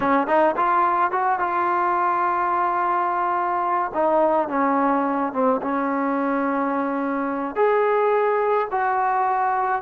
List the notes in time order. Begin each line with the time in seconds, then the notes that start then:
0.00 C#4
0.27 D#4
0.56 F4
1.11 F#4
1.39 F4
3.94 D#4
4.48 C#4
5.32 C4
5.62 C#4
7.55 G#4
8.71 F#4